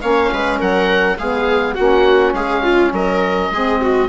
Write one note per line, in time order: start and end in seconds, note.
0.00 0.32 A#3
0.00 1.17 C#4
0.00 0.31 C#5
0.00 0.59 F5
0.33 0.61 G#3
0.33 0.59 B4
0.59 1.19 F#3
0.59 1.17 A#4
0.59 1.18 F#5
1.18 1.77 G#3
1.18 1.78 B3
1.18 1.75 G#4
1.18 1.75 F5
1.75 2.33 A#3
1.75 3.52 C#4
1.75 2.33 F#4
1.75 2.33 F#5
2.33 2.92 G#3
2.33 2.63 G#4
2.33 2.92 F5
2.63 2.93 F4
2.92 3.50 F#3
2.92 3.52 A#4
2.92 4.08 D#5
3.51 4.08 G#3
3.51 4.08 C4
3.51 3.81 G#4
3.81 4.08 F#4